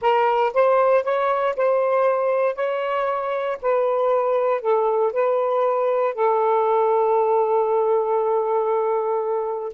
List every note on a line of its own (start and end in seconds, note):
0.01 0.52 A#4
0.53 1.03 C5
1.03 1.55 C#5
1.56 2.55 C5
2.55 3.57 C#5
3.62 4.61 B4
4.61 5.12 A4
5.12 6.14 B4
6.14 9.73 A4